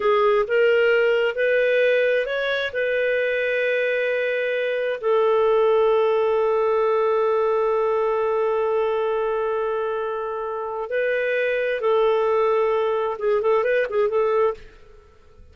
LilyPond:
\new Staff \with { instrumentName = "clarinet" } { \time 4/4 \tempo 4 = 132 gis'4 ais'2 b'4~ | b'4 cis''4 b'2~ | b'2. a'4~ | a'1~ |
a'1~ | a'1 | b'2 a'2~ | a'4 gis'8 a'8 b'8 gis'8 a'4 | }